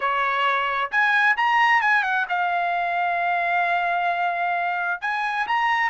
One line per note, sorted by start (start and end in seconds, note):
0.00 0.90 C#5
0.91 1.36 G#5
1.36 1.81 A#5
1.81 2.03 G#5
2.03 2.26 F#5
2.29 5.01 F5
5.01 5.46 G#5
5.47 5.89 A#5